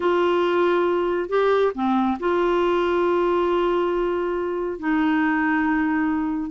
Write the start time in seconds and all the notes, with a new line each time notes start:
0.00 F4
1.29 G4
1.74 C4
2.19 F4
4.79 D#4